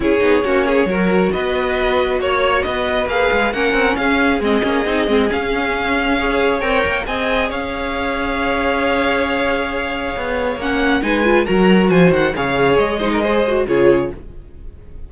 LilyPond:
<<
  \new Staff \with { instrumentName = "violin" } { \time 4/4 \tempo 4 = 136 cis''2. dis''4~ | dis''4 cis''4 dis''4 f''4 | fis''4 f''4 dis''2 | f''2. g''4 |
gis''4 f''2.~ | f''1 | fis''4 gis''4 ais''4 gis''8 fis''8 | f''4 dis''2 cis''4 | }
  \new Staff \with { instrumentName = "violin" } { \time 4/4 gis'4 fis'8 gis'8 ais'4 b'4~ | b'4 cis''4 b'2 | ais'4 gis'2.~ | gis'2 cis''2 |
dis''4 cis''2.~ | cis''1~ | cis''4 b'4 ais'4 c''4 | cis''4. c''16 ais'16 c''4 gis'4 | }
  \new Staff \with { instrumentName = "viola" } { \time 4/4 e'8 dis'8 cis'4 fis'2~ | fis'2. gis'4 | cis'2 c'8 cis'8 dis'8 c'8 | cis'2 gis'4 ais'4 |
gis'1~ | gis'1 | cis'4 dis'8 f'8 fis'2 | gis'4. dis'8 gis'8 fis'8 f'4 | }
  \new Staff \with { instrumentName = "cello" } { \time 4/4 cis'8 b8 ais4 fis4 b4~ | b4 ais4 b4 ais8 gis8 | ais8 c'8 cis'4 gis8 ais8 c'8 gis8 | cis'2. c'8 ais8 |
c'4 cis'2.~ | cis'2. b4 | ais4 gis4 fis4 f8 dis8 | cis4 gis2 cis4 | }
>>